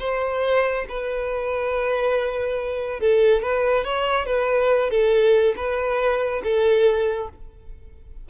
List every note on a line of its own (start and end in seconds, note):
0.00 0.86 C5
0.89 3.00 B4
3.00 3.43 A4
3.43 3.85 B4
3.85 4.26 C#5
4.26 4.91 B4
4.91 5.55 A4
5.57 6.42 B4
6.44 7.30 A4